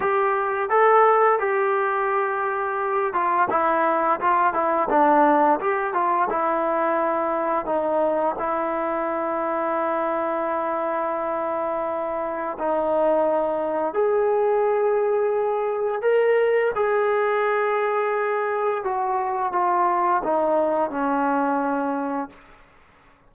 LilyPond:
\new Staff \with { instrumentName = "trombone" } { \time 4/4 \tempo 4 = 86 g'4 a'4 g'2~ | g'8 f'8 e'4 f'8 e'8 d'4 | g'8 f'8 e'2 dis'4 | e'1~ |
e'2 dis'2 | gis'2. ais'4 | gis'2. fis'4 | f'4 dis'4 cis'2 | }